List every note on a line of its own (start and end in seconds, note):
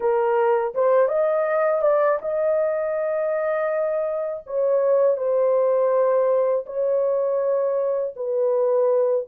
0.00 0.74 A#4
0.74 1.07 C5
1.07 1.81 D#5
1.81 2.19 D5
2.21 4.43 D#5
4.46 5.17 C#5
5.17 6.65 C5
6.66 8.14 C#5
8.15 9.27 B4